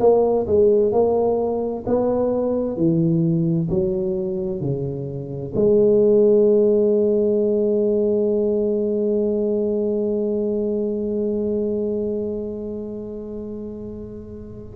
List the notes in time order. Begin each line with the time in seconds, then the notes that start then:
0.00 A#3
0.47 G#3
0.92 A#3
1.87 B3
2.77 E3
3.70 F#3
4.60 C#3
5.56 G#3